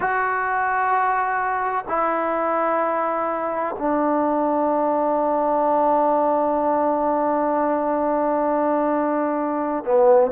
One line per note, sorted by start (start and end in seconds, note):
0.00 1.85 F#4
1.87 3.75 E4
3.78 9.84 D4
9.84 10.31 B3